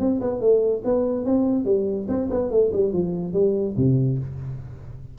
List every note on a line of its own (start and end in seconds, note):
0.00 0.21 C4
0.21 0.41 B3
0.41 0.83 A3
0.85 1.26 B3
1.26 1.65 C4
1.65 2.07 G3
2.09 2.30 C4
2.31 2.51 B3
2.51 2.72 A3
2.73 2.93 G3
2.93 3.34 F3
3.34 3.75 G3
3.77 4.19 C3